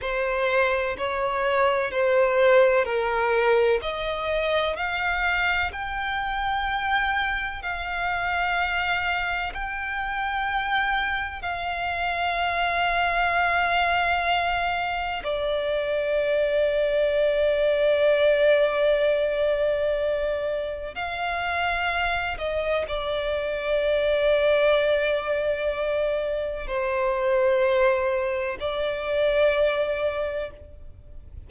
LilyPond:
\new Staff \with { instrumentName = "violin" } { \time 4/4 \tempo 4 = 63 c''4 cis''4 c''4 ais'4 | dis''4 f''4 g''2 | f''2 g''2 | f''1 |
d''1~ | d''2 f''4. dis''8 | d''1 | c''2 d''2 | }